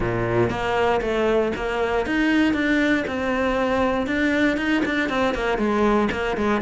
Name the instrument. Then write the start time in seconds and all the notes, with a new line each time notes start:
cello
0.00 A#2
0.49 A#3
1.01 A3
1.56 A#3
2.06 D#4
2.53 D4
3.07 C4
4.06 D4
4.57 D#4
4.85 D4
5.09 C4
5.34 A#3
5.58 G#3
6.11 A#3
6.37 G#3